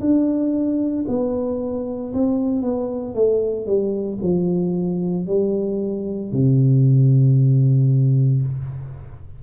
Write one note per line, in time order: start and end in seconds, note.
0.00 1.05 D4
1.08 2.13 B3
2.13 2.62 C4
2.62 3.14 B3
3.14 3.66 A3
3.66 4.19 G3
4.22 5.26 F3
5.26 6.32 G3
6.32 8.42 C3